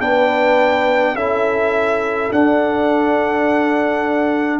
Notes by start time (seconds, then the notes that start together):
0.00 B3 D4 B4 G5
1.15 C#4 E4 A4 E5
2.32 D4 F#5